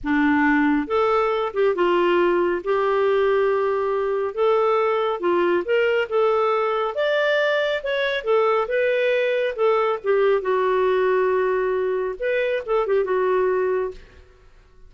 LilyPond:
\new Staff \with { instrumentName = "clarinet" } { \time 4/4 \tempo 4 = 138 d'2 a'4. g'8 | f'2 g'2~ | g'2 a'2 | f'4 ais'4 a'2 |
d''2 cis''4 a'4 | b'2 a'4 g'4 | fis'1 | b'4 a'8 g'8 fis'2 | }